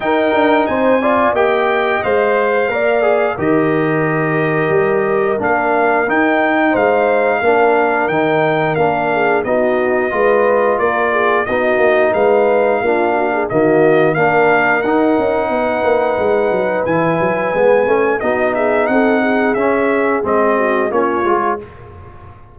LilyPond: <<
  \new Staff \with { instrumentName = "trumpet" } { \time 4/4 \tempo 4 = 89 g''4 gis''4 g''4 f''4~ | f''4 dis''2. | f''4 g''4 f''2 | g''4 f''4 dis''2 |
d''4 dis''4 f''2 | dis''4 f''4 fis''2~ | fis''4 gis''2 dis''8 e''8 | fis''4 e''4 dis''4 cis''4 | }
  \new Staff \with { instrumentName = "horn" } { \time 4/4 ais'4 c''8 d''8 dis''4.~ dis''16 c''16 | d''4 ais'2.~ | ais'2 c''4 ais'4~ | ais'4. gis'8 fis'4 b'4 |
ais'8 gis'8 fis'4 b'4 f'8 fis'16 gis'16 | fis'4 ais'2 b'4~ | b'2. fis'8 gis'8 | a'8 gis'2 fis'8 f'4 | }
  \new Staff \with { instrumentName = "trombone" } { \time 4/4 dis'4. f'8 g'4 c''4 | ais'8 gis'8 g'2. | d'4 dis'2 d'4 | dis'4 d'4 dis'4 f'4~ |
f'4 dis'2 d'4 | ais4 d'4 dis'2~ | dis'4 e'4 b8 cis'8 dis'4~ | dis'4 cis'4 c'4 cis'8 f'8 | }
  \new Staff \with { instrumentName = "tuba" } { \time 4/4 dis'8 d'8 c'4 ais4 gis4 | ais4 dis2 g4 | ais4 dis'4 gis4 ais4 | dis4 ais4 b4 gis4 |
ais4 b8 ais8 gis4 ais4 | dis4 ais4 dis'8 cis'8 b8 ais8 | gis8 fis8 e8 fis8 gis8 a8 b4 | c'4 cis'4 gis4 ais8 gis8 | }
>>